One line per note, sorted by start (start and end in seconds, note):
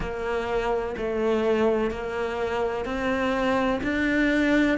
0.00 0.95 A#3
0.97 1.90 A3
1.90 2.85 A#3
2.85 3.80 C4
3.83 4.78 D4